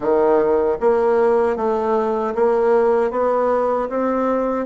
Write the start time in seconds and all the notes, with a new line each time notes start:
0.00 D#3
0.80 A#3
1.56 A3
2.34 A#3
3.10 B3
3.89 C4